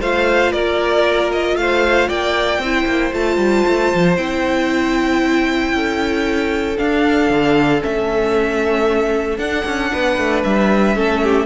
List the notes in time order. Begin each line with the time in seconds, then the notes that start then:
0.00 A3 F4 C5 F5
0.52 A#3 A#4 D5
1.32 D#5
1.56 A3 C5 F5
2.08 A#3 D5 G5
2.58 C4 E4 C5
2.86 A#3
3.12 A3 F4 A5
3.37 G3
3.67 A3
3.94 F3
4.16 C4 E4 G5
5.72 C#4 A4
6.77 D4 F5
7.30 D3
7.80 A3 C#4 E5
9.37 D4 F#5
9.65 C#4
9.92 B3 B4
10.18 A3
10.43 G3 E5
10.95 A3 C#4 A4
11.22 G4